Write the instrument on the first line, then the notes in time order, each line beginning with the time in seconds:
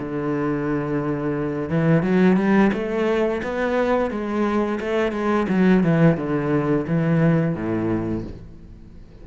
cello
0.00 D3
1.70 E3
2.03 F#3
2.37 G3
2.73 A3
3.44 B3
4.11 G#3
4.81 A3
5.13 G#3
5.49 F#3
5.84 E3
6.18 D3
6.88 E3
7.55 A2